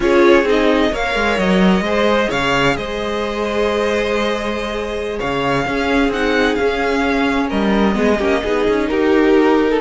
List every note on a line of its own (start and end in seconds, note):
0.00 0.43 C#4
0.00 0.45 F4
0.00 0.91 G#4
0.00 0.47 C#5
0.43 0.89 C4
0.43 0.92 D#4
0.43 0.95 D#5
0.91 1.15 A#3
0.91 1.84 A#4
0.91 1.83 C#5
0.91 1.38 F5
1.15 1.38 G#3
1.38 1.80 F#3
1.38 2.30 D#5
1.80 2.27 G#3
1.80 5.66 G#4
1.80 2.29 C5
2.29 2.77 C#3
2.29 2.75 C#5
2.29 2.76 F5
2.76 5.19 G#3
2.76 5.18 C5
2.76 5.19 D#5
5.18 5.65 C#3
5.18 5.64 C#5
5.18 6.12 F5
5.65 6.08 C#4
5.65 6.12 C#4
5.65 7.48 G#4
6.08 6.54 C4
6.08 6.58 D#4
6.08 6.55 F#5
6.55 7.93 C#4
6.55 7.51 C#4
6.55 7.47 F5
7.48 7.96 G3
7.48 7.94 A#4
7.48 8.88 D#5
7.93 8.19 G#3
7.93 8.16 B3
7.93 8.17 G#4
8.17 8.42 A#3
8.17 8.42 C#4
8.17 8.40 G4
8.42 8.67 B3
8.42 9.80 D#4
8.42 8.88 G#4
8.67 8.90 C#4
8.88 9.80 D#4
8.88 9.70 G4
8.88 9.80 A#4
9.70 9.80 A4